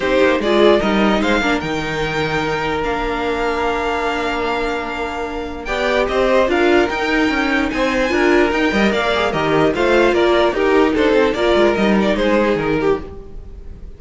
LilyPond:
<<
  \new Staff \with { instrumentName = "violin" } { \time 4/4 \tempo 4 = 148 c''4 d''4 dis''4 f''4 | g''2. f''4~ | f''1~ | f''2 g''4 dis''4 |
f''4 g''2 gis''4~ | gis''4 g''4 f''4 dis''4 | f''4 d''4 ais'4 c''4 | d''4 dis''8 d''8 c''4 ais'4 | }
  \new Staff \with { instrumentName = "violin" } { \time 4/4 g'4 gis'4 ais'4 c''8 ais'8~ | ais'1~ | ais'1~ | ais'2 d''4 c''4 |
ais'2. c''4 | ais'4. dis''8 d''4 ais'4 | c''4 ais'4 g'4 a'4 | ais'2 gis'4. g'8 | }
  \new Staff \with { instrumentName = "viola" } { \time 4/4 dis'4 f'4 dis'4. d'8 | dis'2. d'4~ | d'1~ | d'2 g'2 |
f'4 dis'2. | f'4 dis'8 ais'4 gis'8 g'4 | f'2 dis'2 | f'4 dis'2. | }
  \new Staff \with { instrumentName = "cello" } { \time 4/4 c'8 ais8 gis4 g4 gis8 ais8 | dis2. ais4~ | ais1~ | ais2 b4 c'4 |
d'4 dis'4 cis'4 c'4 | d'4 dis'8 g8 ais4 dis4 | a4 ais4 dis'4 d'8 c'8 | ais8 gis8 g4 gis4 dis4 | }
>>